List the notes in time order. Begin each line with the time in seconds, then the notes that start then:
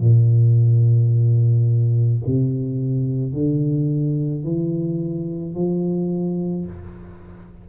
0.00 A#2
2.26 C3
3.33 D3
4.44 E3
5.55 F3